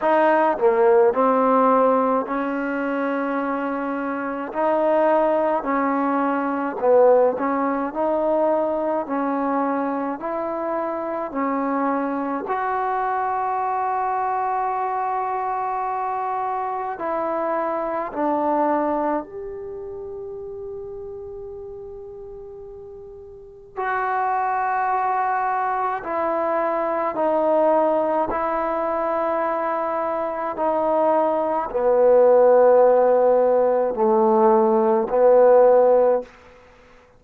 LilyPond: \new Staff \with { instrumentName = "trombone" } { \time 4/4 \tempo 4 = 53 dis'8 ais8 c'4 cis'2 | dis'4 cis'4 b8 cis'8 dis'4 | cis'4 e'4 cis'4 fis'4~ | fis'2. e'4 |
d'4 g'2.~ | g'4 fis'2 e'4 | dis'4 e'2 dis'4 | b2 a4 b4 | }